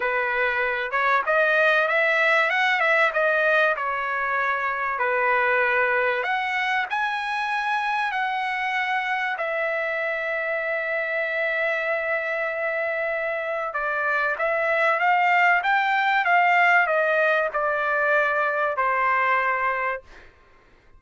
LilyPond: \new Staff \with { instrumentName = "trumpet" } { \time 4/4 \tempo 4 = 96 b'4. cis''8 dis''4 e''4 | fis''8 e''8 dis''4 cis''2 | b'2 fis''4 gis''4~ | gis''4 fis''2 e''4~ |
e''1~ | e''2 d''4 e''4 | f''4 g''4 f''4 dis''4 | d''2 c''2 | }